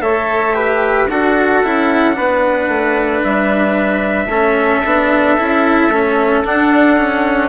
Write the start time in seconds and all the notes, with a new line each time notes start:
0.00 A3 A4 C#5 E5
0.53 G4 B4
1.10 D4 F#4 A4 F#5
1.64 C#4 E4
2.13 B3 D4 B4
2.68 A3
3.23 G3 E5
4.25 A3 C#4 A4
4.85 B3 D4
5.37 C#4 E4
5.88 A3 C#4
6.44 D4 F#5
6.97 C#4